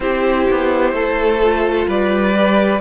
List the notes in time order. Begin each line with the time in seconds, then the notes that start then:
0.00 C4 E4 G4 C5
0.50 B3
0.92 A3 A4
1.41 F4
1.87 G3 B4 D5
2.33 G4